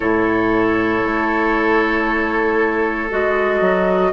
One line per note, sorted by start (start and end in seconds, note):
0.00 1.03 A2
0.00 3.09 E4
0.00 4.10 A4
0.00 3.10 C#5
1.03 3.10 A3
3.10 3.60 G#3
3.10 4.12 F#4
3.10 4.12 D#5
3.60 4.12 F#3